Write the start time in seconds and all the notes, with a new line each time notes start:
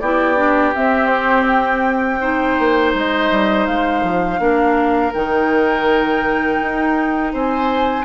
0.00 B3 E4 G4 D5
0.37 D4
0.75 C4 E5
1.07 C5
1.46 G5
2.20 D#4 C5
2.59 A#3
2.94 G#3 D#5
3.31 G3
3.67 G#3 F5
4.03 F3
4.39 A#3 D4 A#4
5.14 D#3 D#4 G5
6.61 D#4
7.33 C4 C5 G#5